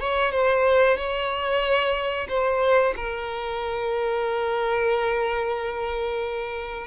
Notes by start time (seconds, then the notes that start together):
0.00 C#5
0.32 C5
0.97 C#5
2.29 C5
2.96 A#4